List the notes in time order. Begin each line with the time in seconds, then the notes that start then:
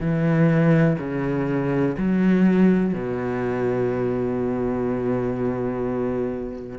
0.00 E3
0.99 C#3
1.98 F#3
2.94 B2